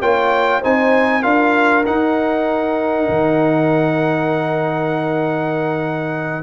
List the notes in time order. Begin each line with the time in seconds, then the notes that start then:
0.00 A#3 F4 C#5 G5
0.61 C4 D#4 C5 G#5
1.23 D4 F4 A#4 F5
1.86 D#4 F#5
3.09 D#3